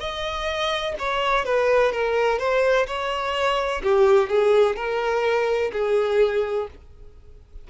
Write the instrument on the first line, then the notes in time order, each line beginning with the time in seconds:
violin
0.00 D#5
0.99 C#5
1.45 B4
1.92 A#4
2.39 C5
2.87 C#5
3.83 G4
4.29 G#4
4.76 A#4
5.72 G#4